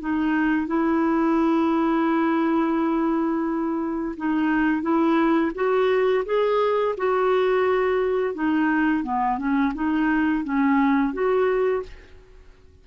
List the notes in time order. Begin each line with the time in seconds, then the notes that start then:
0.00 D#4
0.67 E4
4.17 D#4
4.82 E4
5.55 F#4
6.25 G#4
6.97 F#4
8.34 D#4
9.03 B3
9.38 C#4
9.74 D#4
10.44 C#4
11.13 F#4